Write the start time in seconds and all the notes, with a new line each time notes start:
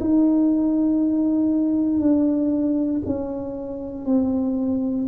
0.00 D#4
2.00 D4
3.06 C#4
4.05 C4